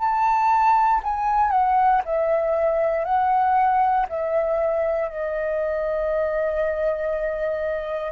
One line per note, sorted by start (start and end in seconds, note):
0.00 1.02 A5
1.04 1.51 G#5
1.51 2.02 F#5
2.06 3.05 E5
3.05 4.07 F#5
4.10 5.09 E5
5.09 8.13 D#5